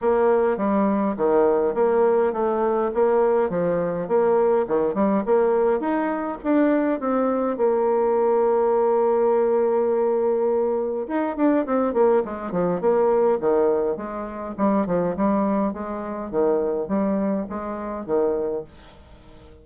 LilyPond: \new Staff \with { instrumentName = "bassoon" } { \time 4/4 \tempo 4 = 103 ais4 g4 dis4 ais4 | a4 ais4 f4 ais4 | dis8 g8 ais4 dis'4 d'4 | c'4 ais2.~ |
ais2. dis'8 d'8 | c'8 ais8 gis8 f8 ais4 dis4 | gis4 g8 f8 g4 gis4 | dis4 g4 gis4 dis4 | }